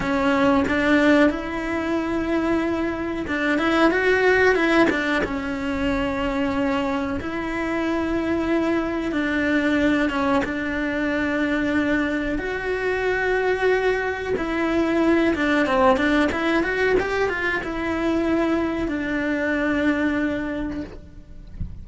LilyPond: \new Staff \with { instrumentName = "cello" } { \time 4/4 \tempo 4 = 92 cis'4 d'4 e'2~ | e'4 d'8 e'8 fis'4 e'8 d'8 | cis'2. e'4~ | e'2 d'4. cis'8 |
d'2. fis'4~ | fis'2 e'4. d'8 | c'8 d'8 e'8 fis'8 g'8 f'8 e'4~ | e'4 d'2. | }